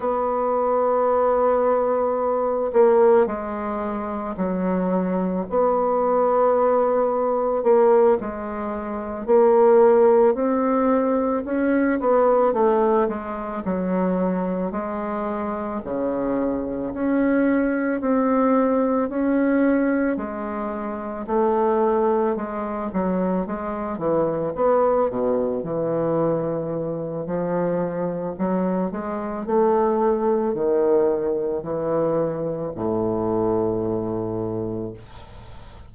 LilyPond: \new Staff \with { instrumentName = "bassoon" } { \time 4/4 \tempo 4 = 55 b2~ b8 ais8 gis4 | fis4 b2 ais8 gis8~ | gis8 ais4 c'4 cis'8 b8 a8 | gis8 fis4 gis4 cis4 cis'8~ |
cis'8 c'4 cis'4 gis4 a8~ | a8 gis8 fis8 gis8 e8 b8 b,8 e8~ | e4 f4 fis8 gis8 a4 | dis4 e4 a,2 | }